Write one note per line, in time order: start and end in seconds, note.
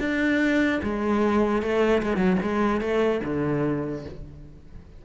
0.00 0.81 D4
0.83 1.63 G#3
1.63 2.03 A3
2.03 2.17 G#3
2.17 2.37 F#3
2.43 2.82 G#3
2.82 3.22 A3
3.25 4.05 D3